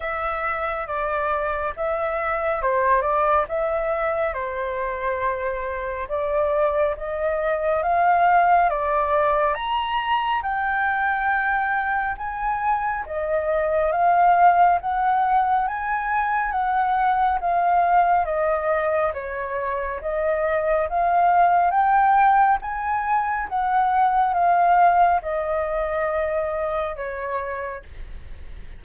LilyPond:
\new Staff \with { instrumentName = "flute" } { \time 4/4 \tempo 4 = 69 e''4 d''4 e''4 c''8 d''8 | e''4 c''2 d''4 | dis''4 f''4 d''4 ais''4 | g''2 gis''4 dis''4 |
f''4 fis''4 gis''4 fis''4 | f''4 dis''4 cis''4 dis''4 | f''4 g''4 gis''4 fis''4 | f''4 dis''2 cis''4 | }